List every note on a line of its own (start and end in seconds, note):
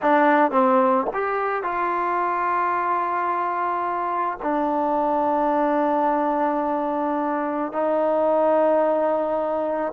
0.02 0.51 D4
0.51 1.06 C4
1.13 1.63 G4
1.63 4.38 F4
4.42 7.72 D4
7.72 9.92 D#4